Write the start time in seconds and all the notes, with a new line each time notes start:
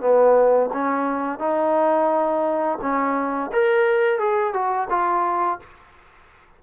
0.00 B3
0.73 C#4
1.39 D#4
2.81 C#4
3.53 A#4
4.19 G#4
4.53 F#4
4.90 F4